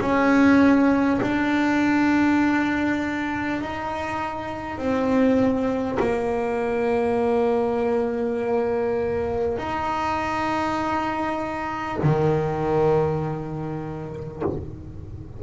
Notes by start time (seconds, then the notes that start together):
0.00 C#4
1.21 D4
3.61 D#4
4.78 C4
5.99 A#3
9.58 D#4
12.03 D#3